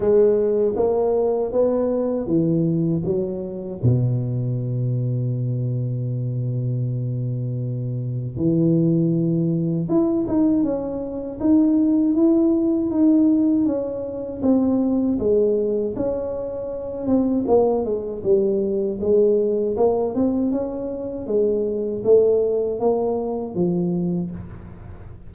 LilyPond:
\new Staff \with { instrumentName = "tuba" } { \time 4/4 \tempo 4 = 79 gis4 ais4 b4 e4 | fis4 b,2.~ | b,2. e4~ | e4 e'8 dis'8 cis'4 dis'4 |
e'4 dis'4 cis'4 c'4 | gis4 cis'4. c'8 ais8 gis8 | g4 gis4 ais8 c'8 cis'4 | gis4 a4 ais4 f4 | }